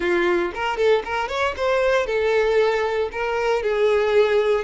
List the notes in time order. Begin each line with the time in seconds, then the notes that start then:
0.00 F4
0.54 A#4
0.77 A4
1.04 A#4
1.28 C#5
1.57 C5
2.06 A4
3.12 A#4
3.62 G#4